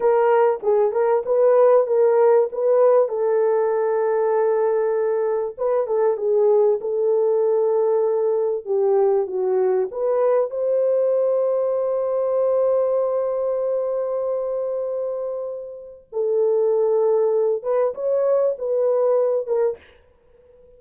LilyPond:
\new Staff \with { instrumentName = "horn" } { \time 4/4 \tempo 4 = 97 ais'4 gis'8 ais'8 b'4 ais'4 | b'4 a'2.~ | a'4 b'8 a'8 gis'4 a'4~ | a'2 g'4 fis'4 |
b'4 c''2.~ | c''1~ | c''2 a'2~ | a'8 b'8 cis''4 b'4. ais'8 | }